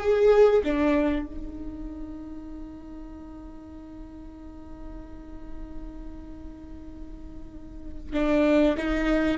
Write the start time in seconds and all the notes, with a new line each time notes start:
0.00 G#4
0.64 D4
1.26 D#4
8.13 D4
8.77 D#4